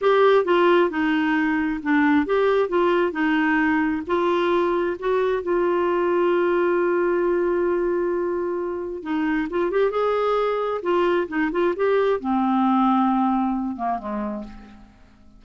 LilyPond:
\new Staff \with { instrumentName = "clarinet" } { \time 4/4 \tempo 4 = 133 g'4 f'4 dis'2 | d'4 g'4 f'4 dis'4~ | dis'4 f'2 fis'4 | f'1~ |
f'1 | dis'4 f'8 g'8 gis'2 | f'4 dis'8 f'8 g'4 c'4~ | c'2~ c'8 ais8 gis4 | }